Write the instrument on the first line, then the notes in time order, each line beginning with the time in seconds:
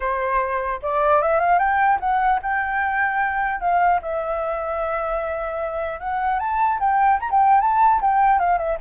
flute
0.00 C5
0.82 D5
1.21 E5
1.40 F5
1.58 G5
2.00 F#5
2.42 G5
3.60 F5
4.01 E5
6.00 F#5
6.39 A5
6.79 G5
7.20 A#5
7.31 G5
7.60 A5
8.01 G5
8.39 F5
8.58 E5